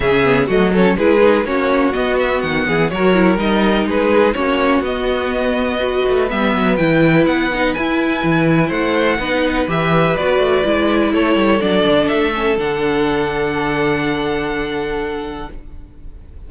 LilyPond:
<<
  \new Staff \with { instrumentName = "violin" } { \time 4/4 \tempo 4 = 124 e''4 dis''8 cis''8 b'4 cis''4 | dis''8 e''8 fis''4 cis''4 dis''4 | b'4 cis''4 dis''2~ | dis''4 e''4 g''4 fis''4 |
gis''2 fis''2 | e''4 d''2 cis''4 | d''4 e''4 fis''2~ | fis''1 | }
  \new Staff \with { instrumentName = "violin" } { \time 4/4 gis'4 fis'8 a'8 gis'4 fis'4~ | fis'4. gis'8 ais'2 | gis'4 fis'2. | b'1~ |
b'2 c''4 b'4~ | b'2. a'4~ | a'1~ | a'1 | }
  \new Staff \with { instrumentName = "viola" } { \time 4/4 cis'8 b8 a8 cis'8 e'8 dis'8 cis'4 | b2 fis'8 e'8 dis'4~ | dis'4 cis'4 b2 | fis'4 b4 e'4. dis'8 |
e'2. dis'4 | g'4 fis'4 e'2 | d'4. cis'8 d'2~ | d'1 | }
  \new Staff \with { instrumentName = "cello" } { \time 4/4 cis4 fis4 gis4 ais4 | b4 dis8 e8 fis4 g4 | gis4 ais4 b2~ | b8 a8 g8 fis8 e4 b4 |
e'4 e4 a4 b4 | e4 b8 a8 gis4 a8 g8 | fis8 d8 a4 d2~ | d1 | }
>>